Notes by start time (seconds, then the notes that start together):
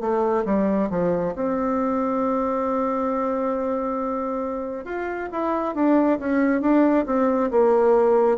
0.00 A3
0.45 G3
0.90 F3
1.35 C4
4.85 F4
5.31 E4
5.75 D4
6.19 C#4
6.61 D4
7.06 C4
7.51 A#3